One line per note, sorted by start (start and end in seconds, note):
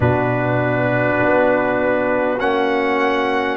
0.00 1.18 B2
0.00 2.38 D4
0.00 3.56 F#4
0.00 2.39 B4
1.21 2.41 B3
2.39 3.56 A#3
2.39 3.56 C#4
2.39 3.56 F#5